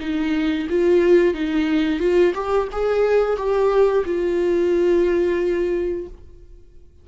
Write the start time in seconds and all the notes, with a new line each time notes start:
0.00 D#4
0.70 F4
1.34 D#4
1.99 F4
2.34 G4
2.72 G#4
3.36 G4
4.05 F4